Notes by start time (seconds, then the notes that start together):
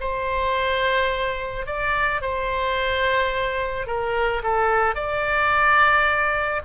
0.00 C5
1.66 D5
2.21 C5
3.86 A#4
4.42 A4
4.95 D5